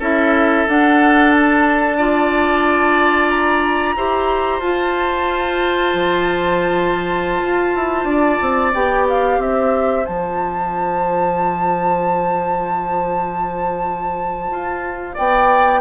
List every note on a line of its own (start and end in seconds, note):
0.00 0.66 C#4
0.00 0.67 E4
0.00 1.98 A4
0.00 0.69 E5
0.68 3.96 D4
0.68 1.99 D4
0.68 1.33 F#5
1.33 3.30 A5
1.98 3.97 F4
1.98 3.96 D5
3.30 4.60 A#5
3.96 4.60 E4
3.96 4.62 G4
3.96 8.09 C5
4.60 5.92 F4
4.60 8.75 F4
4.60 8.73 A5
5.95 7.43 F3
7.43 7.76 F4
7.76 8.05 E4
8.05 8.38 D4
8.05 9.40 D5
8.42 8.74 C4
8.74 9.38 B3
8.74 10.06 G4
8.74 9.07 G5
9.09 9.42 F5
9.38 10.04 C4
9.38 15.14 C5
9.38 10.06 E5
10.06 14.51 F3
10.06 15.81 F4
10.06 15.17 A5
14.51 15.17 F4
15.14 15.81 B3
15.14 15.80 D5
15.14 15.81 G5